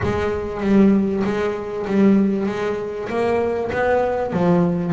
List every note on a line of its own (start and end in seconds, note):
0.03 0.60 G#3
0.60 1.22 G3
1.24 1.86 G#3
1.86 2.46 G3
2.46 3.08 G#3
3.09 3.71 A#3
3.71 4.32 B3
4.32 4.93 F3